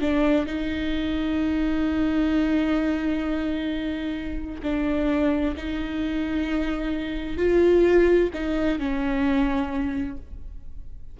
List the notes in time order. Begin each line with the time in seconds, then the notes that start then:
0.00 D4
0.45 D#4
4.62 D4
5.56 D#4
7.37 F4
8.33 D#4
8.78 C#4